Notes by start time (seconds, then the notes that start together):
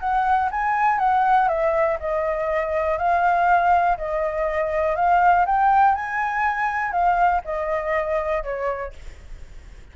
0.00 F#5
0.51 G#5
0.99 F#5
1.49 E5
2.00 D#5
2.98 F5
3.98 D#5
4.96 F5
5.46 G5
5.95 G#5
6.92 F5
7.45 D#5
8.44 C#5